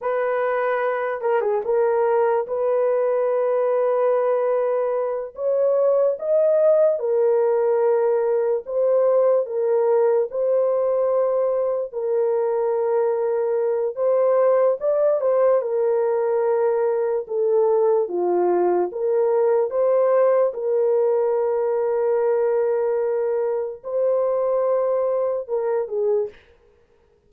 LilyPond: \new Staff \with { instrumentName = "horn" } { \time 4/4 \tempo 4 = 73 b'4. ais'16 gis'16 ais'4 b'4~ | b'2~ b'8 cis''4 dis''8~ | dis''8 ais'2 c''4 ais'8~ | ais'8 c''2 ais'4.~ |
ais'4 c''4 d''8 c''8 ais'4~ | ais'4 a'4 f'4 ais'4 | c''4 ais'2.~ | ais'4 c''2 ais'8 gis'8 | }